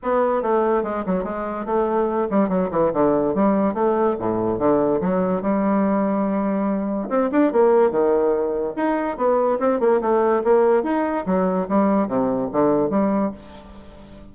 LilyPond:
\new Staff \with { instrumentName = "bassoon" } { \time 4/4 \tempo 4 = 144 b4 a4 gis8 fis8 gis4 | a4. g8 fis8 e8 d4 | g4 a4 a,4 d4 | fis4 g2.~ |
g4 c'8 d'8 ais4 dis4~ | dis4 dis'4 b4 c'8 ais8 | a4 ais4 dis'4 fis4 | g4 c4 d4 g4 | }